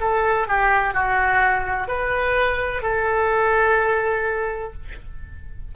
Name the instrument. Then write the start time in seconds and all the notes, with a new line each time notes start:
oboe
0.00 A4
0.47 G4
0.94 F#4
1.87 B4
2.82 A4